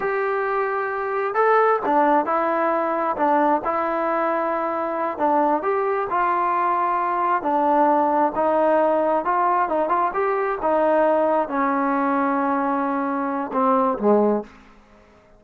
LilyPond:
\new Staff \with { instrumentName = "trombone" } { \time 4/4 \tempo 4 = 133 g'2. a'4 | d'4 e'2 d'4 | e'2.~ e'8 d'8~ | d'8 g'4 f'2~ f'8~ |
f'8 d'2 dis'4.~ | dis'8 f'4 dis'8 f'8 g'4 dis'8~ | dis'4. cis'2~ cis'8~ | cis'2 c'4 gis4 | }